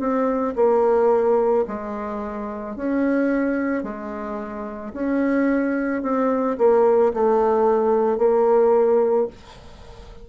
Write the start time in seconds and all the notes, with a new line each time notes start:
0.00 C4
0.56 A#3
1.68 G#3
2.77 C#4
3.84 G#3
4.93 C#4
6.03 C4
6.59 A#3
7.14 A3
8.19 A#3